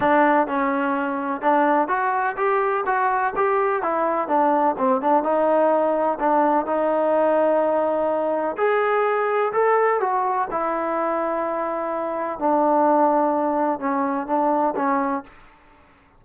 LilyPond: \new Staff \with { instrumentName = "trombone" } { \time 4/4 \tempo 4 = 126 d'4 cis'2 d'4 | fis'4 g'4 fis'4 g'4 | e'4 d'4 c'8 d'8 dis'4~ | dis'4 d'4 dis'2~ |
dis'2 gis'2 | a'4 fis'4 e'2~ | e'2 d'2~ | d'4 cis'4 d'4 cis'4 | }